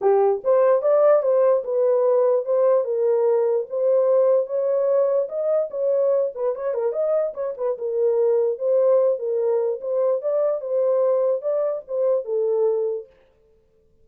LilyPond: \new Staff \with { instrumentName = "horn" } { \time 4/4 \tempo 4 = 147 g'4 c''4 d''4 c''4 | b'2 c''4 ais'4~ | ais'4 c''2 cis''4~ | cis''4 dis''4 cis''4. b'8 |
cis''8 ais'8 dis''4 cis''8 b'8 ais'4~ | ais'4 c''4. ais'4. | c''4 d''4 c''2 | d''4 c''4 a'2 | }